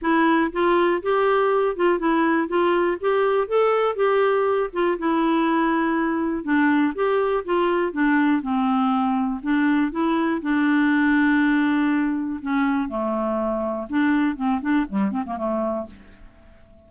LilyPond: \new Staff \with { instrumentName = "clarinet" } { \time 4/4 \tempo 4 = 121 e'4 f'4 g'4. f'8 | e'4 f'4 g'4 a'4 | g'4. f'8 e'2~ | e'4 d'4 g'4 f'4 |
d'4 c'2 d'4 | e'4 d'2.~ | d'4 cis'4 a2 | d'4 c'8 d'8 g8 c'16 ais16 a4 | }